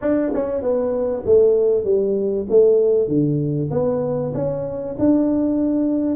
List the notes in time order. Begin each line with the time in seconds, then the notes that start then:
0.01 D4
0.33 C#4
0.62 B3
1.25 A3
1.84 G3
2.49 A3
3.08 D3
3.70 B3
4.34 C#4
4.98 D4